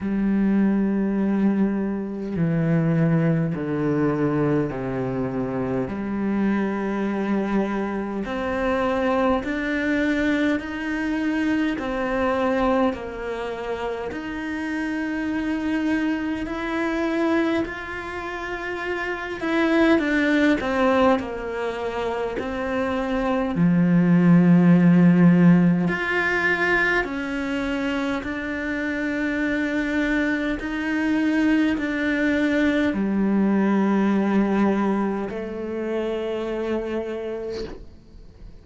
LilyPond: \new Staff \with { instrumentName = "cello" } { \time 4/4 \tempo 4 = 51 g2 e4 d4 | c4 g2 c'4 | d'4 dis'4 c'4 ais4 | dis'2 e'4 f'4~ |
f'8 e'8 d'8 c'8 ais4 c'4 | f2 f'4 cis'4 | d'2 dis'4 d'4 | g2 a2 | }